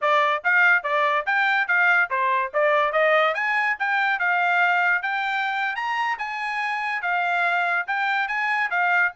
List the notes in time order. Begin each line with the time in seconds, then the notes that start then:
0.01 D5
0.44 F5
0.83 D5
1.25 G5
1.67 F5
2.10 C5
2.53 D5
2.92 D#5
3.34 G#5
3.79 G5
4.19 F5
5.02 G5
5.75 A#5
6.18 G#5
7.02 F5
7.87 G5
8.28 G#5
8.70 F5